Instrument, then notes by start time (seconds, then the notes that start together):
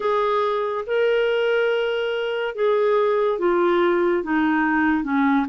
clarinet
0.00 G#4
0.86 A#4
2.55 G#4
3.38 F4
4.23 D#4
5.03 C#4